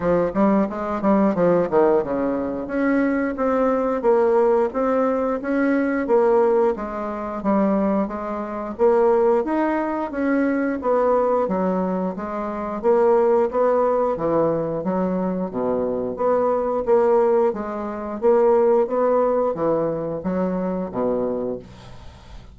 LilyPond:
\new Staff \with { instrumentName = "bassoon" } { \time 4/4 \tempo 4 = 89 f8 g8 gis8 g8 f8 dis8 cis4 | cis'4 c'4 ais4 c'4 | cis'4 ais4 gis4 g4 | gis4 ais4 dis'4 cis'4 |
b4 fis4 gis4 ais4 | b4 e4 fis4 b,4 | b4 ais4 gis4 ais4 | b4 e4 fis4 b,4 | }